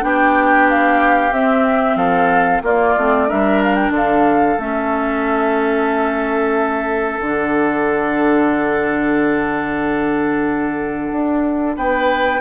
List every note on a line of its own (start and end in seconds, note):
0.00 1.32 B3
0.00 1.30 D4
0.00 1.97 G4
0.00 0.69 G5
0.70 1.33 F5
1.32 1.96 C4
1.32 2.64 C4
1.32 1.97 E5
1.96 2.61 F3
1.96 2.62 A4
1.96 2.62 F5
2.62 2.95 A#3
2.62 2.98 A#3
2.62 3.28 F4
2.62 3.30 D5
2.97 3.30 A3
2.97 3.28 C4
3.28 3.90 G3
3.28 4.59 D4
3.28 3.93 A#4
3.28 3.63 E5
3.64 3.75 F5
3.75 3.91 G5
3.90 4.55 D3
3.90 11.76 A4
3.90 4.60 F5
4.59 7.20 A3
4.59 7.20 C#4
4.59 7.21 E5
7.20 11.12 D3
7.20 12.41 D4
7.20 11.77 F#5
11.12 11.76 D4
11.76 12.41 B3
11.76 12.41 B4
11.76 12.41 G5